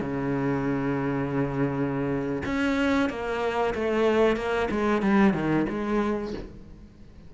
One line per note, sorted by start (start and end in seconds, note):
0.00 2.42 C#3
2.45 3.09 C#4
3.09 3.74 A#3
3.74 4.36 A3
4.36 4.68 A#3
4.70 5.01 G#3
5.01 5.33 G3
5.33 5.66 D#3
5.69 6.33 G#3